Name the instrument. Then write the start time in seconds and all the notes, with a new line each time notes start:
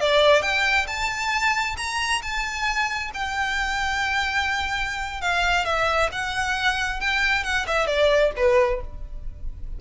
violin
0.00 D5
0.41 G5
0.87 A5
1.77 A#5
2.21 A5
3.14 G5
5.21 F5
5.65 E5
6.12 F#5
7.00 G5
7.43 F#5
7.66 E5
7.86 D5
8.36 B4